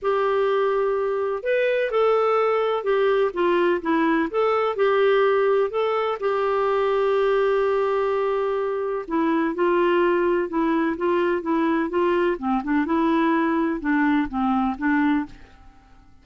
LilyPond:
\new Staff \with { instrumentName = "clarinet" } { \time 4/4 \tempo 4 = 126 g'2. b'4 | a'2 g'4 f'4 | e'4 a'4 g'2 | a'4 g'2.~ |
g'2. e'4 | f'2 e'4 f'4 | e'4 f'4 c'8 d'8 e'4~ | e'4 d'4 c'4 d'4 | }